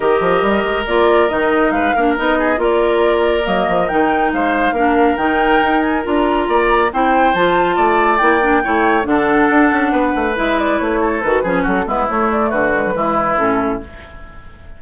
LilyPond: <<
  \new Staff \with { instrumentName = "flute" } { \time 4/4 \tempo 4 = 139 dis''2 d''4 dis''4 | f''4 dis''4 d''2 | dis''4 g''4 f''2 | g''4. gis''8 ais''2 |
g''4 a''2 g''4~ | g''4 fis''2. | e''8 d''8 cis''4 b'4 a'8 b'8 | cis''8 d''8 b'2 a'4 | }
  \new Staff \with { instrumentName = "oboe" } { \time 4/4 ais'1 | b'8 ais'4 gis'8 ais'2~ | ais'2 c''4 ais'4~ | ais'2. d''4 |
c''2 d''2 | cis''4 a'2 b'4~ | b'4. a'4 gis'8 fis'8 e'8~ | e'4 fis'4 e'2 | }
  \new Staff \with { instrumentName = "clarinet" } { \time 4/4 g'2 f'4 dis'4~ | dis'8 d'8 dis'4 f'2 | ais4 dis'2 d'4 | dis'2 f'2 |
e'4 f'2 e'8 d'8 | e'4 d'2. | e'2 fis'8 cis'4 b8 | a4. gis16 fis16 gis4 cis'4 | }
  \new Staff \with { instrumentName = "bassoon" } { \time 4/4 dis8 f8 g8 gis8 ais4 dis4 | gis8 ais8 b4 ais2 | fis8 f8 dis4 gis4 ais4 | dis4 dis'4 d'4 ais4 |
c'4 f4 a4 ais4 | a4 d4 d'8 cis'8 b8 a8 | gis4 a4 dis8 f8 fis8 gis8 | a4 d4 e4 a,4 | }
>>